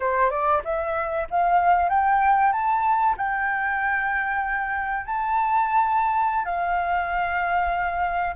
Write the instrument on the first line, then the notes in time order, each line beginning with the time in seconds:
flute
0.00 C5
0.30 D5
0.64 E5
1.30 F5
1.89 G5
2.52 A5
3.17 G5
5.06 A5
6.45 F5